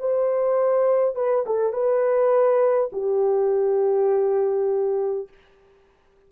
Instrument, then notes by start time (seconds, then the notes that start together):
horn
0.00 C5
1.16 B4
1.46 A4
1.73 B4
2.93 G4